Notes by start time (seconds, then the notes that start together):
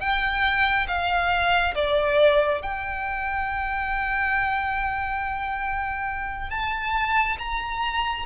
0.00 G5
0.87 F5
1.75 D5
2.62 G5
6.50 A5
7.38 A#5